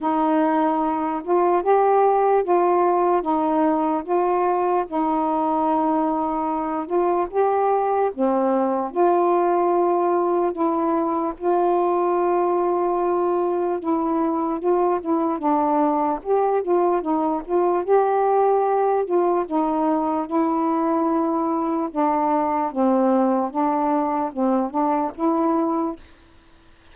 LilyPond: \new Staff \with { instrumentName = "saxophone" } { \time 4/4 \tempo 4 = 74 dis'4. f'8 g'4 f'4 | dis'4 f'4 dis'2~ | dis'8 f'8 g'4 c'4 f'4~ | f'4 e'4 f'2~ |
f'4 e'4 f'8 e'8 d'4 | g'8 f'8 dis'8 f'8 g'4. f'8 | dis'4 e'2 d'4 | c'4 d'4 c'8 d'8 e'4 | }